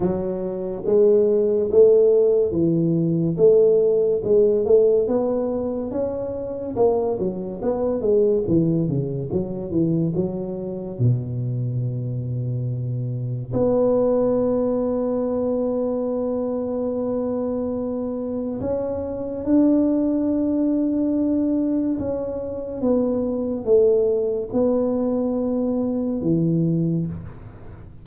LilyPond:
\new Staff \with { instrumentName = "tuba" } { \time 4/4 \tempo 4 = 71 fis4 gis4 a4 e4 | a4 gis8 a8 b4 cis'4 | ais8 fis8 b8 gis8 e8 cis8 fis8 e8 | fis4 b,2. |
b1~ | b2 cis'4 d'4~ | d'2 cis'4 b4 | a4 b2 e4 | }